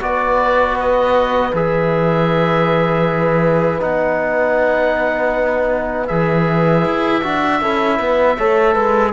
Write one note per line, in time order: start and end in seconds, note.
0.00 1.52 B3
0.00 1.52 F#4
0.00 7.61 B4
0.00 0.78 D5
0.79 1.55 D#5
1.53 3.81 E3
1.53 3.80 G#4
1.53 3.82 E5
3.80 6.09 B3
3.80 6.07 D#4
3.80 6.07 F#5
6.07 6.85 E3
6.07 7.22 G#4
6.07 9.11 E5
6.85 7.23 E4
7.23 7.61 D4
7.23 7.61 F#4
7.61 7.99 C#4
7.61 8.37 E4
7.61 7.98 A4
7.98 8.37 B3
7.98 8.36 B4
8.37 8.75 A3
8.37 9.12 A4
8.37 8.73 C#5
8.73 9.12 G#3
8.73 9.11 B4